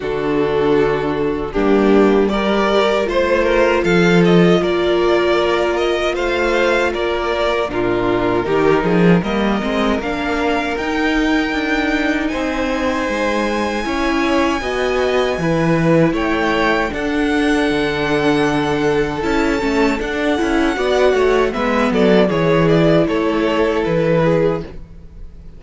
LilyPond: <<
  \new Staff \with { instrumentName = "violin" } { \time 4/4 \tempo 4 = 78 a'2 g'4 d''4 | c''4 f''8 dis''8 d''4. dis''8 | f''4 d''4 ais'2 | dis''4 f''4 g''2 |
gis''1~ | gis''4 g''4 fis''2~ | fis''4 a''4 fis''2 | e''8 d''8 cis''8 d''8 cis''4 b'4 | }
  \new Staff \with { instrumentName = "violin" } { \time 4/4 fis'2 d'4 ais'4 | c''8 ais'8 a'4 ais'2 | c''4 ais'4 f'4 g'8 gis'8 | ais'1 |
c''2 cis''4 dis''4 | b'4 cis''4 a'2~ | a'2. d''8 cis''8 | b'8 a'8 gis'4 a'4. gis'8 | }
  \new Staff \with { instrumentName = "viola" } { \time 4/4 d'2 ais4 g'4 | f'1~ | f'2 d'4 dis'4 | ais8 c'8 d'4 dis'2~ |
dis'2 e'4 fis'4 | e'2 d'2~ | d'4 e'8 cis'8 d'8 e'8 fis'4 | b4 e'2. | }
  \new Staff \with { instrumentName = "cello" } { \time 4/4 d2 g2 | a4 f4 ais2 | a4 ais4 ais,4 dis8 f8 | g8 gis8 ais4 dis'4 d'4 |
c'4 gis4 cis'4 b4 | e4 a4 d'4 d4~ | d4 cis'8 a8 d'8 cis'8 b8 a8 | gis8 fis8 e4 a4 e4 | }
>>